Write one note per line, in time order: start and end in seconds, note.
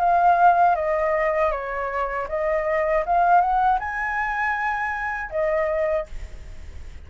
0.00 0.76 F5
0.76 1.52 D#5
1.52 2.28 C#5
2.29 3.05 D#5
3.07 3.42 F5
3.42 3.80 F#5
3.80 5.31 G#5
5.31 6.07 D#5